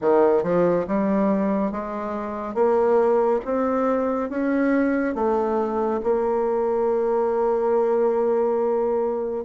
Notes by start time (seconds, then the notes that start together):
0.01 D#3
0.43 F3
0.87 G3
1.71 G#3
2.54 A#3
3.44 C4
4.29 C#4
5.14 A3
6.03 A#3